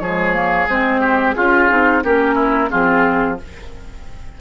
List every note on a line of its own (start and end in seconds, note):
0.00 0.68 F3
0.00 0.34 G#3
0.00 1.01 G#4
0.00 0.67 C#5
0.34 0.68 A#3
0.68 1.36 G#3
0.68 1.36 C4
0.68 1.33 C5
1.01 1.35 G4
1.33 1.71 C#4
1.33 1.69 F4
1.33 2.04 F4
1.33 2.00 G#4
1.69 2.04 C4
1.69 2.03 D#4
2.04 2.71 A#3
2.04 2.70 C#4
2.04 2.35 G4
2.04 2.71 A#4
2.35 2.69 E4
2.70 3.41 F3
2.70 3.37 C4
2.70 3.39 F4
2.70 3.38 G#4